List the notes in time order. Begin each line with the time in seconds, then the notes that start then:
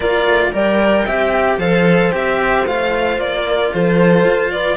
0.00 A#3 F4 A#4 D5
0.25 A3
0.52 G3 A#4 D5 G5
1.05 C4 G4 E5
1.58 F3 A4 C5 F5
2.12 C4 G4 E5
2.66 A3 F4 F5
3.17 A#3 D5
3.46 A#4
3.72 F3 A4 C5
4.25 F4
4.51 B4 D5